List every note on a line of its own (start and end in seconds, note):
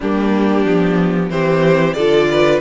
0.00 0.64 G3
0.00 0.66 A#3
0.00 1.30 D4
0.00 1.30 G4
0.64 1.29 F3
0.64 1.31 B3
1.29 1.94 E3
1.29 1.96 C4
1.29 1.95 G4
1.29 1.93 C5
1.93 2.60 D3
1.93 2.60 F4
1.93 2.28 A4
1.93 2.59 D5
2.30 2.60 B4